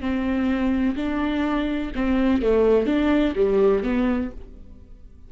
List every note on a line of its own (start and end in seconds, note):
0.00 0.95 C4
0.96 1.91 D4
1.95 2.42 C4
2.42 2.86 A3
2.86 3.34 D4
3.35 3.83 G3
3.83 4.31 B3